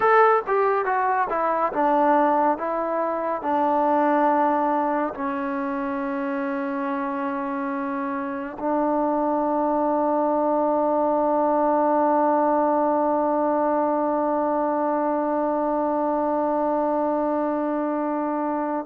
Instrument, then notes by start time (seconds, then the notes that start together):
trombone
0.00 A4
0.47 G4
0.85 F#4
1.29 E4
1.73 D4
2.57 E4
3.42 D4
5.14 C#4
8.58 D4